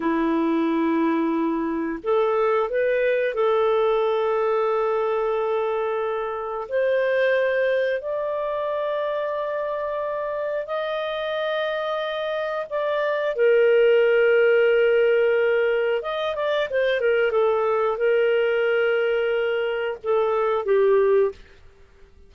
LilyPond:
\new Staff \with { instrumentName = "clarinet" } { \time 4/4 \tempo 4 = 90 e'2. a'4 | b'4 a'2.~ | a'2 c''2 | d''1 |
dis''2. d''4 | ais'1 | dis''8 d''8 c''8 ais'8 a'4 ais'4~ | ais'2 a'4 g'4 | }